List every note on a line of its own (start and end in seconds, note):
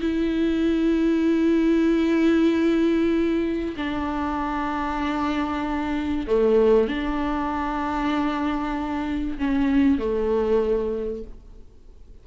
0.00 3.75 E4
3.76 6.26 D4
6.26 6.88 A3
6.88 9.38 D4
9.38 9.98 C#4
9.98 11.23 A3